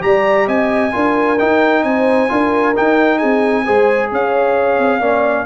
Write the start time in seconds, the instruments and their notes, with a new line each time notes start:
0.00 tuba G3, trombone G4, horn D5, trumpet A#5
0.48 tuba C4, horn D#5, trumpet G#5
0.92 tuba D4, trombone F4, horn A#4
1.39 trombone D#4, tuba D#4, trumpet G5
1.83 tuba C4, horn C5, trumpet G#5
2.29 tuba D4, trombone F4, horn A#4
2.75 trombone D#4, tuba D#4, trumpet G5
3.18 tuba C4, horn G#4, trumpet G#5
3.65 tuba G#3, trombone G#4, horn C5
4.11 tuba C#4, horn C#5, trumpet F5
4.78 tuba C4
5.00 tuba A#3, trombone C#4, horn D5